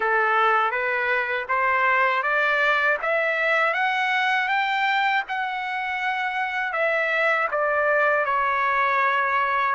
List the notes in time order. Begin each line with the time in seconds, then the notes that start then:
0.00 A4
0.71 B4
1.48 C5
2.22 D5
3.02 E5
3.73 F#5
4.48 G5
5.28 F#5
6.73 E5
7.51 D5
8.25 C#5